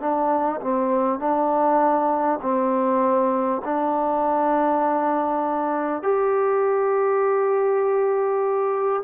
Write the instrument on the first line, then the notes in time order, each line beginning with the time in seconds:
trombone
0.00 D4
0.61 C4
1.19 D4
2.42 C4
3.64 D4
6.02 G4